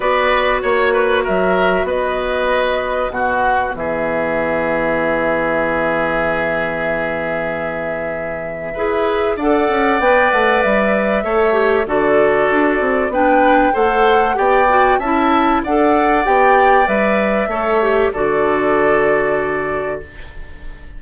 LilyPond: <<
  \new Staff \with { instrumentName = "flute" } { \time 4/4 \tempo 4 = 96 d''4 cis''4 e''4 dis''4~ | dis''4 fis''4 e''2~ | e''1~ | e''2. fis''4 |
g''8 fis''8 e''2 d''4~ | d''4 g''4 fis''4 g''4 | a''4 fis''4 g''4 e''4~ | e''4 d''2. | }
  \new Staff \with { instrumentName = "oboe" } { \time 4/4 b'4 cis''8 b'8 ais'4 b'4~ | b'4 fis'4 gis'2~ | gis'1~ | gis'2 b'4 d''4~ |
d''2 cis''4 a'4~ | a'4 b'4 c''4 d''4 | e''4 d''2. | cis''4 a'2. | }
  \new Staff \with { instrumentName = "clarinet" } { \time 4/4 fis'1~ | fis'4 b2.~ | b1~ | b2 gis'4 a'4 |
b'2 a'8 g'8 fis'4~ | fis'4 d'4 a'4 g'8 fis'8 | e'4 a'4 g'4 b'4 | a'8 g'8 fis'2. | }
  \new Staff \with { instrumentName = "bassoon" } { \time 4/4 b4 ais4 fis4 b4~ | b4 b,4 e2~ | e1~ | e2 e'4 d'8 cis'8 |
b8 a8 g4 a4 d4 | d'8 c'8 b4 a4 b4 | cis'4 d'4 b4 g4 | a4 d2. | }
>>